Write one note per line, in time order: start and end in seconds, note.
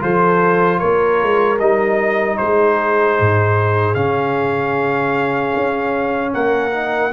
0.00 0.82 F3
0.00 1.58 F4
0.00 0.79 A4
0.00 0.79 C5
0.79 1.23 A#3
0.79 2.37 A#4
0.79 1.58 C#5
1.23 1.61 G#3
1.60 2.39 G3
1.60 3.95 D#4
1.60 2.38 D#5
2.38 3.20 G#3
2.38 6.33 G#4
2.38 3.95 C5
3.20 3.96 G#2
3.95 5.54 C#3
3.95 6.72 C#4
3.95 6.32 F5
5.56 6.35 C#4
6.33 7.13 A#3
6.33 7.12 A#4
6.33 7.13 F#5
6.72 7.11 D#4